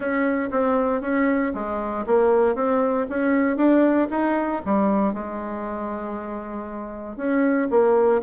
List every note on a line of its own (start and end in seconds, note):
0.00 0.49 C#4
0.51 1.01 C4
1.01 1.52 C#4
1.54 2.05 G#3
2.06 2.55 A#3
2.55 3.06 C4
3.09 3.56 C#4
3.56 4.08 D4
4.10 4.62 D#4
4.65 5.13 G3
5.13 7.17 G#3
7.17 7.68 C#4
7.70 8.21 A#3